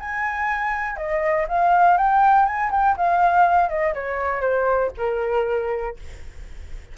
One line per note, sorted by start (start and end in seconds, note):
0.00 0.97 G#5
0.97 1.47 D#5
1.49 1.98 F5
1.98 2.46 G5
2.46 2.71 G#5
2.71 2.96 G5
2.97 3.69 F5
3.69 3.94 D#5
3.95 4.41 C#5
4.41 4.91 C5
4.98 5.97 A#4